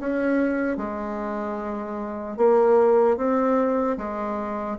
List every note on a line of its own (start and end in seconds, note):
0.00 0.77 C#4
0.77 2.37 G#3
2.37 3.17 A#3
3.17 3.97 C4
3.98 4.78 G#3